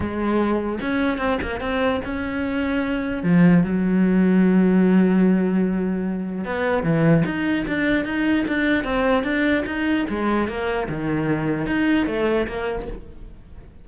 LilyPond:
\new Staff \with { instrumentName = "cello" } { \time 4/4 \tempo 4 = 149 gis2 cis'4 c'8 ais8 | c'4 cis'2. | f4 fis2.~ | fis1 |
b4 e4 dis'4 d'4 | dis'4 d'4 c'4 d'4 | dis'4 gis4 ais4 dis4~ | dis4 dis'4 a4 ais4 | }